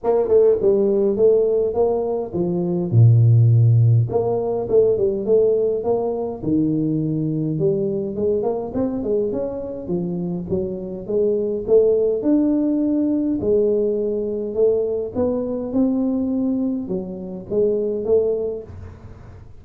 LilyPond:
\new Staff \with { instrumentName = "tuba" } { \time 4/4 \tempo 4 = 103 ais8 a8 g4 a4 ais4 | f4 ais,2 ais4 | a8 g8 a4 ais4 dis4~ | dis4 g4 gis8 ais8 c'8 gis8 |
cis'4 f4 fis4 gis4 | a4 d'2 gis4~ | gis4 a4 b4 c'4~ | c'4 fis4 gis4 a4 | }